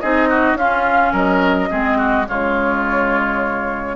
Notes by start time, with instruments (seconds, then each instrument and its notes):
0.00 bassoon C4, clarinet D#4, oboe G#4, flute D#5
0.29 oboe F#4
0.54 bassoon C#4, clarinet C#4, oboe F4, flute F5
1.12 bassoon F#3, oboe A#4, flute D#5
1.69 bassoon G#3, clarinet C4, oboe G#4
1.97 oboe F#4
2.28 bassoon C#3, clarinet G#3, oboe F4, flute C#5